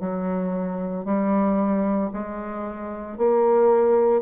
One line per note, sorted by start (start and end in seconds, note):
0.00 1.05 F#3
1.05 2.10 G3
2.13 3.17 G#3
3.17 4.22 A#3